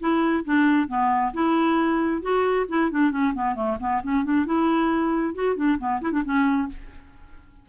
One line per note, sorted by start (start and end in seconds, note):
0.00 0.44 E4
0.45 0.88 D4
0.88 1.33 B3
1.34 2.22 E4
2.22 2.66 F#4
2.69 2.91 E4
2.91 3.11 D4
3.11 3.34 C#4
3.34 3.55 B3
3.55 3.78 A3
3.80 4.02 B3
4.03 4.24 C#4
4.24 4.46 D4
4.46 5.35 E4
5.35 5.56 F#4
5.56 5.78 D4
5.79 6.01 B3
6.01 6.12 E4
6.12 6.23 D4
6.24 6.69 C#4